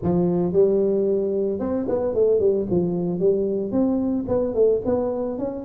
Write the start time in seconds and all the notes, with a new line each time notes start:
0.02 F3
0.53 G3
1.59 C4
1.88 B3
2.14 A3
2.39 G3
2.70 F3
3.19 G3
3.71 C4
4.28 B3
4.54 A3
4.85 B3
5.38 C#4